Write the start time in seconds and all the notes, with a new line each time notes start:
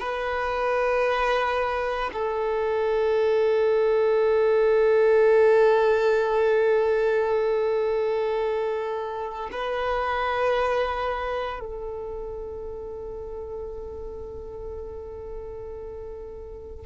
0.00 B4
2.13 A4
9.52 B4
11.60 A4